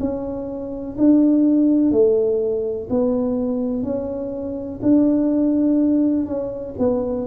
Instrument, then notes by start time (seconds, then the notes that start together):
tuba
0.00 C#4
0.98 D4
1.92 A3
2.90 B3
3.83 C#4
4.83 D4
6.26 C#4
6.79 B3